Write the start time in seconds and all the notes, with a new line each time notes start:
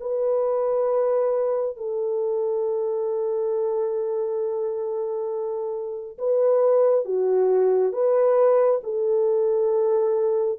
0.00 B4
1.77 A4
6.18 B4
7.05 F#4
7.93 B4
8.84 A4